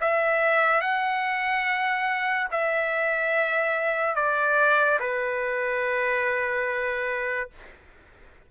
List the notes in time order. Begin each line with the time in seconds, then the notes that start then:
0.00 E5
0.81 F#5
2.51 E5
4.15 D5
4.99 B4